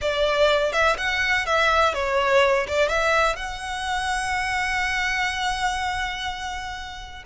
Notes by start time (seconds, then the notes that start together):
0.01 D5
0.72 E5
0.97 F#5
1.46 E5
1.94 C#5
2.67 D5
2.88 E5
3.36 F#5